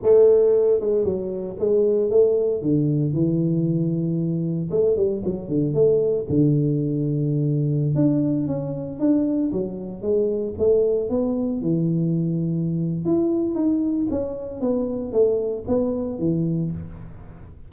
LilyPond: \new Staff \with { instrumentName = "tuba" } { \time 4/4 \tempo 4 = 115 a4. gis8 fis4 gis4 | a4 d4 e2~ | e4 a8 g8 fis8 d8 a4 | d2.~ d16 d'8.~ |
d'16 cis'4 d'4 fis4 gis8.~ | gis16 a4 b4 e4.~ e16~ | e4 e'4 dis'4 cis'4 | b4 a4 b4 e4 | }